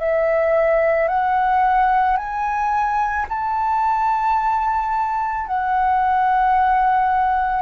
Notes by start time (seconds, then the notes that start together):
0.00 E5
1.09 F#5
2.17 G#5
3.29 A5
5.47 F#5